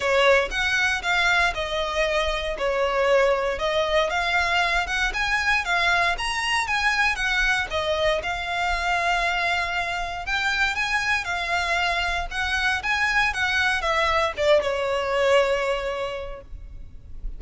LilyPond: \new Staff \with { instrumentName = "violin" } { \time 4/4 \tempo 4 = 117 cis''4 fis''4 f''4 dis''4~ | dis''4 cis''2 dis''4 | f''4. fis''8 gis''4 f''4 | ais''4 gis''4 fis''4 dis''4 |
f''1 | g''4 gis''4 f''2 | fis''4 gis''4 fis''4 e''4 | d''8 cis''2.~ cis''8 | }